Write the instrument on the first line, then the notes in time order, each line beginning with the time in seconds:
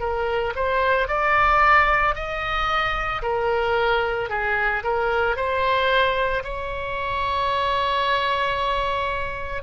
oboe
0.00 A#4
0.56 C5
1.08 D5
2.15 D#5
3.22 A#4
4.30 G#4
4.84 A#4
5.37 C5
6.44 C#5